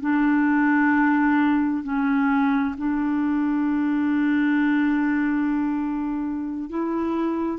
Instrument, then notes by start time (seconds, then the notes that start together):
clarinet
0.00 D4
1.83 C#4
2.77 D4
6.69 E4